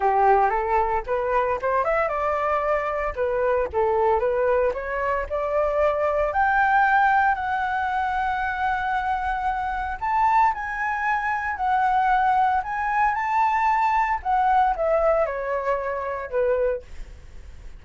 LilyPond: \new Staff \with { instrumentName = "flute" } { \time 4/4 \tempo 4 = 114 g'4 a'4 b'4 c''8 e''8 | d''2 b'4 a'4 | b'4 cis''4 d''2 | g''2 fis''2~ |
fis''2. a''4 | gis''2 fis''2 | gis''4 a''2 fis''4 | e''4 cis''2 b'4 | }